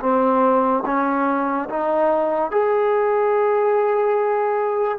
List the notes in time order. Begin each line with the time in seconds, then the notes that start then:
0.00 C4
0.85 C#4
1.69 D#4
2.51 G#4